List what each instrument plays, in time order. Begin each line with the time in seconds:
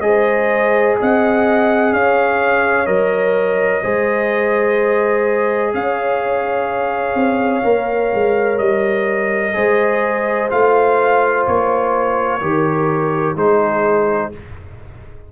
0.00 tuba G#3, trombone G#4, horn C5, trumpet D#5
0.99 tuba C4, horn D#5, trumpet F#5
1.92 tuba C#4, horn C#5, trumpet F5
2.86 tuba F#3, trombone A#4, trumpet D#5
3.83 tuba G#3, trombone G#4, horn C5
5.74 tuba C#4, horn C#5, trumpet F5
7.15 tuba C4
7.63 tuba A#3, trombone A#4
8.13 tuba G#3
8.58 tuba G3, trumpet D#5
9.53 tuba G#3, trombone G#4, horn C5
10.49 tuba A3, trombone F4, trumpet F5
11.47 tuba A#3, trumpet C#5
12.40 tuba D#3, trombone G4, horn A#4
13.35 tuba G#3, trombone D#4, horn G#4, trumpet C5